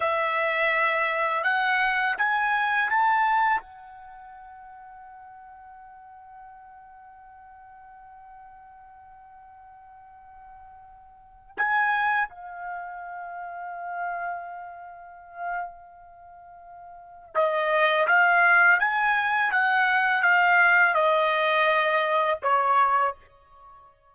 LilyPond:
\new Staff \with { instrumentName = "trumpet" } { \time 4/4 \tempo 4 = 83 e''2 fis''4 gis''4 | a''4 fis''2.~ | fis''1~ | fis''1 |
gis''4 f''2.~ | f''1 | dis''4 f''4 gis''4 fis''4 | f''4 dis''2 cis''4 | }